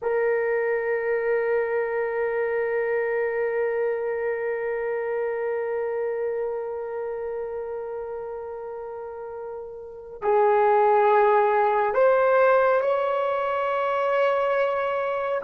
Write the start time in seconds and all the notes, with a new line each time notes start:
0.02 A#4
10.21 G#4
11.94 C5
12.80 C#5